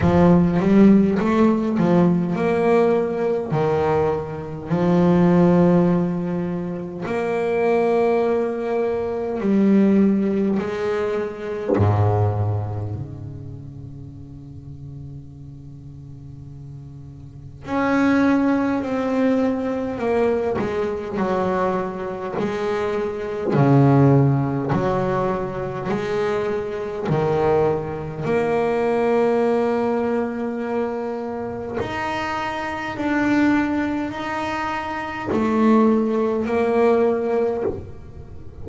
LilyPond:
\new Staff \with { instrumentName = "double bass" } { \time 4/4 \tempo 4 = 51 f8 g8 a8 f8 ais4 dis4 | f2 ais2 | g4 gis4 gis,4 cis4~ | cis2. cis'4 |
c'4 ais8 gis8 fis4 gis4 | cis4 fis4 gis4 dis4 | ais2. dis'4 | d'4 dis'4 a4 ais4 | }